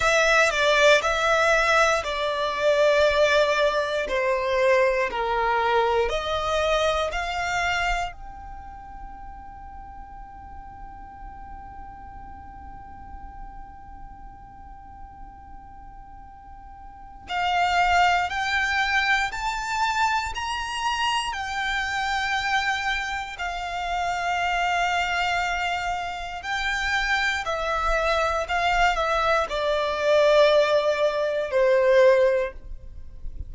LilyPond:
\new Staff \with { instrumentName = "violin" } { \time 4/4 \tempo 4 = 59 e''8 d''8 e''4 d''2 | c''4 ais'4 dis''4 f''4 | g''1~ | g''1~ |
g''4 f''4 g''4 a''4 | ais''4 g''2 f''4~ | f''2 g''4 e''4 | f''8 e''8 d''2 c''4 | }